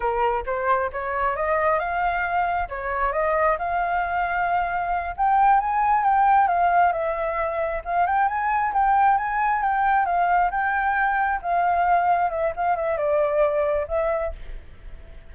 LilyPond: \new Staff \with { instrumentName = "flute" } { \time 4/4 \tempo 4 = 134 ais'4 c''4 cis''4 dis''4 | f''2 cis''4 dis''4 | f''2.~ f''8 g''8~ | g''8 gis''4 g''4 f''4 e''8~ |
e''4. f''8 g''8 gis''4 g''8~ | g''8 gis''4 g''4 f''4 g''8~ | g''4. f''2 e''8 | f''8 e''8 d''2 e''4 | }